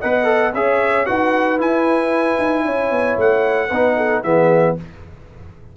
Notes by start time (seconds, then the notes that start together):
0.00 B3 B4 D#5 F#5
0.24 A4
0.54 C#4 G#4 C#5 E5
1.06 D#4 F#4 B4 F#5
1.58 E4 G#5
2.38 D#4
2.64 C#4 C#5
2.90 B3
3.17 A3 F#5
3.68 B3 D#4 B4
3.96 A4
4.23 E3 B3 G#4 E5